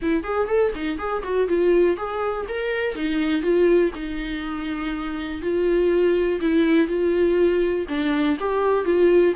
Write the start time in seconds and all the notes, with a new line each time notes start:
0.02 E4
0.23 G#4
0.47 A4
0.75 D#4
0.98 G#4
1.23 F#4
1.48 F4
1.96 G#4
2.48 A#4
2.95 D#4
3.42 F4
3.95 D#4
5.41 F4
6.40 E4
6.87 F4
7.88 D4
8.39 G4
8.84 F4